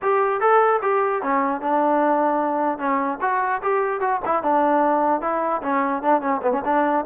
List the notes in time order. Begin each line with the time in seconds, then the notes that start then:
0.02 G4
0.40 A4
0.82 G4
1.22 C#4
1.61 D4
2.78 C#4
3.21 F#4
3.62 G4
4.00 F#4
4.25 E4
4.43 D4
5.21 E4
5.62 C#4
6.02 D4
6.21 C#4
6.42 B3
6.52 C#4
6.65 D4